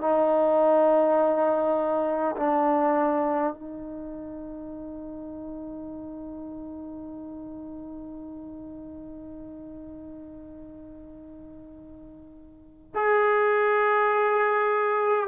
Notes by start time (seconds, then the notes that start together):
0.00 D#4
2.36 D4
3.53 D#4
12.94 G#4